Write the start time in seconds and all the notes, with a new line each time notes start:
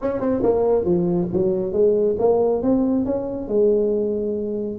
0.01 C#4
0.20 C4
0.42 A#3
0.84 F3
1.33 F#3
1.72 G#3
2.19 A#3
2.62 C4
3.05 C#4
3.48 G#3